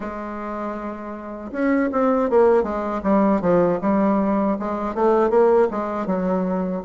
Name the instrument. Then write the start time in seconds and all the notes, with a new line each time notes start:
bassoon
0.00 G#3
1.52 C#4
1.92 C4
2.30 A#3
2.63 G#3
3.03 G3
3.41 F3
3.81 G3
4.59 G#3
4.94 A3
5.30 A#3
5.71 G#3
6.06 F#3